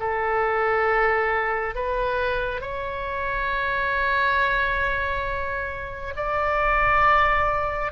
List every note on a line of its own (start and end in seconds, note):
0.00 1.75 A4
1.75 2.61 B4
2.61 6.14 C#5
6.16 7.92 D5